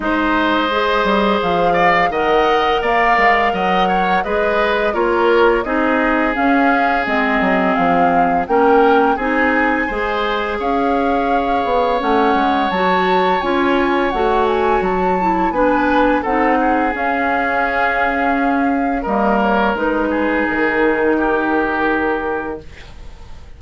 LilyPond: <<
  \new Staff \with { instrumentName = "flute" } { \time 4/4 \tempo 4 = 85 dis''2 f''4 fis''4 | f''4 fis''4 dis''4 cis''4 | dis''4 f''4 dis''4 f''4 | g''4 gis''2 f''4~ |
f''4 fis''4 a''4 gis''4 | fis''8 gis''8 a''4 gis''4 fis''4 | f''2. dis''8 cis''8 | b'4 ais'2. | }
  \new Staff \with { instrumentName = "oboe" } { \time 4/4 c''2~ c''8 d''8 dis''4 | d''4 dis''8 cis''8 b'4 ais'4 | gis'1 | ais'4 gis'4 c''4 cis''4~ |
cis''1~ | cis''2 b'4 a'8 gis'8~ | gis'2. ais'4~ | ais'8 gis'4. g'2 | }
  \new Staff \with { instrumentName = "clarinet" } { \time 4/4 dis'4 gis'2 ais'4~ | ais'2 gis'4 f'4 | dis'4 cis'4 c'2 | cis'4 dis'4 gis'2~ |
gis'4 cis'4 fis'4 f'4 | fis'4. e'8 d'4 dis'4 | cis'2. ais4 | dis'1 | }
  \new Staff \with { instrumentName = "bassoon" } { \time 4/4 gis4. g8 f4 dis4 | ais8 gis8 fis4 gis4 ais4 | c'4 cis'4 gis8 fis8 f4 | ais4 c'4 gis4 cis'4~ |
cis'8 b8 a8 gis8 fis4 cis'4 | a4 fis4 b4 c'4 | cis'2. g4 | gis4 dis2. | }
>>